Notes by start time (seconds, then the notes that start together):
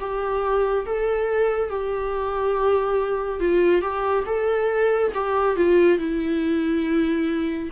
0.00 G4
0.86 A4
1.70 G4
3.40 F4
3.82 G4
4.27 A4
5.14 G4
5.56 F4
5.99 E4